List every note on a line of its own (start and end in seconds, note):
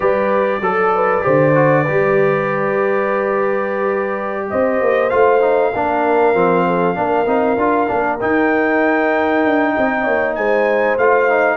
0.00 0.60 G3
0.00 0.61 G4
0.00 0.61 B4
0.00 4.47 D5
0.60 1.22 F#3
0.60 0.92 A4
0.60 1.21 A4
0.95 1.24 B4
1.21 1.88 D3
1.21 1.52 G4
1.21 1.82 C5
1.54 1.85 F#4
1.82 5.10 G4
1.82 4.45 B4
1.88 4.51 G3
4.49 4.81 C4
4.49 5.73 C5
4.49 5.09 D#5
4.81 5.11 A#3
5.09 5.74 A3
5.09 5.41 F4
5.09 8.18 F5
5.41 5.72 D#4
5.73 6.34 A#3
5.73 6.34 D4
5.73 6.65 A#4
6.34 6.96 F3
6.34 6.94 C4
6.66 6.97 A4
6.94 7.26 A#3
6.94 7.25 D4
6.94 9.74 A#4
7.26 7.56 C4
7.26 7.57 D#4
7.57 7.88 D4
7.57 7.87 F4
7.87 8.21 A#3
7.87 8.18 D4
8.20 10.99 D#4
8.20 9.45 D#4
8.20 10.35 G5
9.45 9.76 D4
9.74 10.07 C4
9.74 10.03 D#5
10.03 10.36 A#3
10.03 10.34 C#5
10.35 10.97 G#3
10.35 11.56 C5
10.35 10.97 G#5
10.97 11.56 A3
10.97 11.29 F4
10.97 11.56 F5
11.29 11.56 D#4